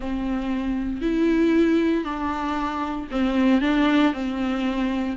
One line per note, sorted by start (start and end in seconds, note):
0.00 1.01 C4
1.01 2.04 E4
2.04 3.07 D4
3.11 3.61 C4
3.61 4.13 D4
4.13 5.16 C4